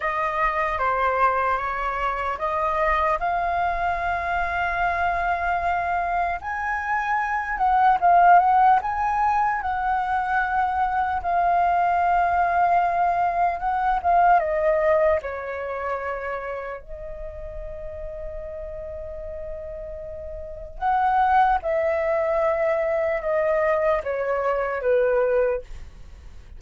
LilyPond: \new Staff \with { instrumentName = "flute" } { \time 4/4 \tempo 4 = 75 dis''4 c''4 cis''4 dis''4 | f''1 | gis''4. fis''8 f''8 fis''8 gis''4 | fis''2 f''2~ |
f''4 fis''8 f''8 dis''4 cis''4~ | cis''4 dis''2.~ | dis''2 fis''4 e''4~ | e''4 dis''4 cis''4 b'4 | }